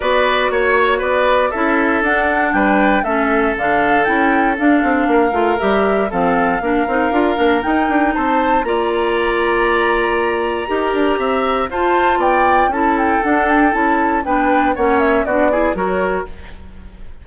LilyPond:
<<
  \new Staff \with { instrumentName = "flute" } { \time 4/4 \tempo 4 = 118 d''4 cis''4 d''4 e''4 | fis''4 g''4 e''4 f''4 | g''4 f''2 e''4 | f''2. g''4 |
a''4 ais''2.~ | ais''2. a''4 | g''4 a''8 g''8 fis''8 g''8 a''4 | g''4 fis''8 e''8 d''4 cis''4 | }
  \new Staff \with { instrumentName = "oboe" } { \time 4/4 b'4 cis''4 b'4 a'4~ | a'4 b'4 a'2~ | a'2 ais'2 | a'4 ais'2. |
c''4 d''2.~ | d''4 ais'4 e''4 c''4 | d''4 a'2. | b'4 cis''4 fis'8 gis'8 ais'4 | }
  \new Staff \with { instrumentName = "clarinet" } { \time 4/4 fis'2. e'4 | d'2 cis'4 d'4 | e'4 d'4. f'8 g'4 | c'4 d'8 dis'8 f'8 d'8 dis'4~ |
dis'4 f'2.~ | f'4 g'2 f'4~ | f'4 e'4 d'4 e'4 | d'4 cis'4 d'8 e'8 fis'4 | }
  \new Staff \with { instrumentName = "bassoon" } { \time 4/4 b4 ais4 b4 cis'4 | d'4 g4 a4 d4 | cis'4 d'8 c'8 ais8 a8 g4 | f4 ais8 c'8 d'8 ais8 dis'8 d'8 |
c'4 ais2.~ | ais4 dis'8 d'8 c'4 f'4 | b4 cis'4 d'4 cis'4 | b4 ais4 b4 fis4 | }
>>